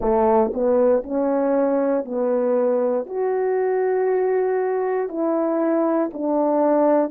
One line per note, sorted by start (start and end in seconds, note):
0.00 0.51 A3
0.53 1.03 B3
1.03 2.04 C#4
2.04 3.06 B3
3.06 5.08 F#4
5.08 6.10 E4
6.13 7.10 D4